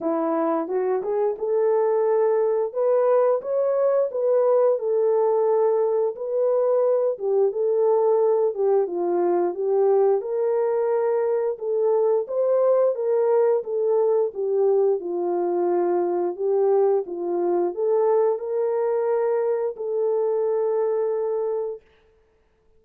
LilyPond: \new Staff \with { instrumentName = "horn" } { \time 4/4 \tempo 4 = 88 e'4 fis'8 gis'8 a'2 | b'4 cis''4 b'4 a'4~ | a'4 b'4. g'8 a'4~ | a'8 g'8 f'4 g'4 ais'4~ |
ais'4 a'4 c''4 ais'4 | a'4 g'4 f'2 | g'4 f'4 a'4 ais'4~ | ais'4 a'2. | }